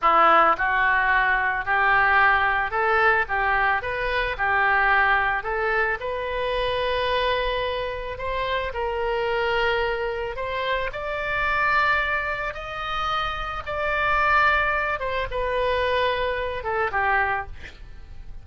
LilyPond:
\new Staff \with { instrumentName = "oboe" } { \time 4/4 \tempo 4 = 110 e'4 fis'2 g'4~ | g'4 a'4 g'4 b'4 | g'2 a'4 b'4~ | b'2. c''4 |
ais'2. c''4 | d''2. dis''4~ | dis''4 d''2~ d''8 c''8 | b'2~ b'8 a'8 g'4 | }